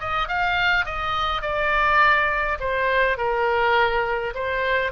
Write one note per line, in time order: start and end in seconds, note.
0.00 0.29 D#5
0.29 0.86 F5
0.86 1.42 D#5
1.42 2.58 D5
2.60 3.17 C5
3.17 4.34 A#4
4.35 4.92 C5